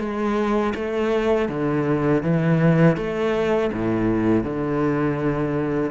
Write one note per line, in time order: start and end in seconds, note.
0.00 0.74 G#3
0.75 1.49 A3
1.49 2.23 D3
2.23 2.97 E3
2.97 3.71 A3
3.73 4.44 A2
4.44 5.92 D3